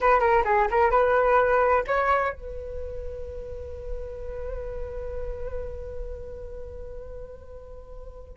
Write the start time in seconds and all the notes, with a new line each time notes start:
0.00 B4
0.20 A#4
0.44 G#4
0.70 A#4
0.90 B4
1.87 C#5
2.33 B4